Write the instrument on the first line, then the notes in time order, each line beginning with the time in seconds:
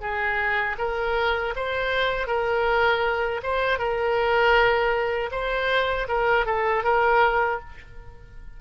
oboe
0.00 G#4
0.78 A#4
1.56 C5
2.27 A#4
3.43 C5
3.78 A#4
5.31 C5
6.08 A#4
6.46 A4
6.84 A#4